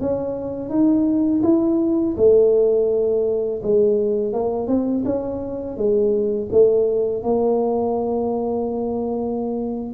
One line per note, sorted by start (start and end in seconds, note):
0.00 0.69 C#4
0.69 1.42 D#4
1.43 2.15 E4
2.17 3.61 A3
3.62 4.33 G#3
4.33 4.67 A#3
4.67 5.03 C4
5.05 5.77 C#4
5.77 6.49 G#3
6.52 7.23 A3
7.23 9.93 A#3